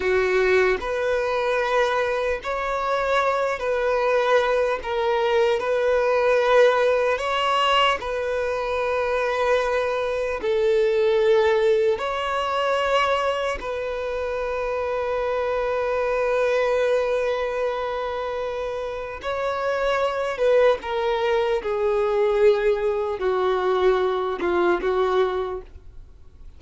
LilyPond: \new Staff \with { instrumentName = "violin" } { \time 4/4 \tempo 4 = 75 fis'4 b'2 cis''4~ | cis''8 b'4. ais'4 b'4~ | b'4 cis''4 b'2~ | b'4 a'2 cis''4~ |
cis''4 b'2.~ | b'1 | cis''4. b'8 ais'4 gis'4~ | gis'4 fis'4. f'8 fis'4 | }